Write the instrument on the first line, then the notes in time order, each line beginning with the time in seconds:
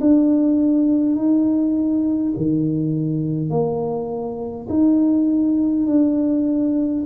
tuba
0.00 D4
1.15 D#4
2.36 D#3
3.50 A#3
4.69 D#4
5.86 D4